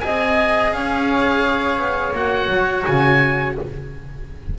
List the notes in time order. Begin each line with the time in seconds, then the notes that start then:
0.00 C4 G#4 D#5 G#5
0.72 C#4 C#5 F5
1.79 B3
2.13 A#3 F#4 F#5
2.49 F#3
2.85 C#3 G#5